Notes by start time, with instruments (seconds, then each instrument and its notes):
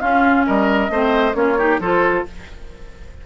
0.00 clarinet C#4, bassoon C#4, oboe F4, flute F5
0.47 bassoon G3, oboe A#4, flute D#5
0.90 bassoon A3, clarinet C4, oboe C5
1.33 bassoon A#3, clarinet C#4, oboe F4, flute C#5
1.58 clarinet D#4, oboe G4
1.80 bassoon F3, clarinet F4, oboe A4, flute C5